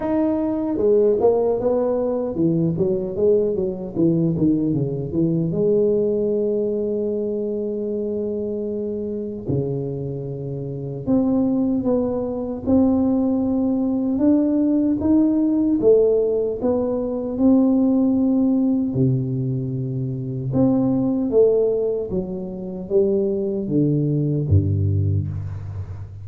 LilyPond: \new Staff \with { instrumentName = "tuba" } { \time 4/4 \tempo 4 = 76 dis'4 gis8 ais8 b4 e8 fis8 | gis8 fis8 e8 dis8 cis8 e8 gis4~ | gis1 | cis2 c'4 b4 |
c'2 d'4 dis'4 | a4 b4 c'2 | c2 c'4 a4 | fis4 g4 d4 g,4 | }